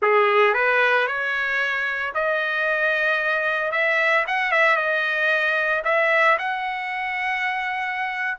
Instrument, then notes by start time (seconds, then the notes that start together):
trumpet
0.01 G#4
0.54 B4
1.07 C#5
2.14 D#5
3.71 E5
4.27 F#5
4.51 E5
4.76 D#5
5.84 E5
6.38 F#5